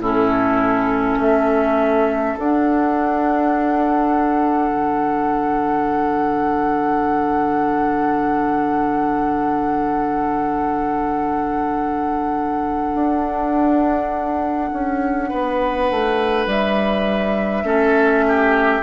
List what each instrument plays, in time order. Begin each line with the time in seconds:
0.00 bassoon A2, clarinet C#4, oboe E4, flute A4
1.18 bassoon A3, oboe A4, flute E5
2.39 bassoon D4, clarinet D4, flute F#5
4.70 bassoon D3
12.94 bassoon D4
14.73 bassoon C#4
15.29 bassoon B3, oboe B4
15.91 bassoon A3
16.47 bassoon G3, flute E5
17.64 bassoon A3, clarinet C#4, oboe A4
18.28 oboe G4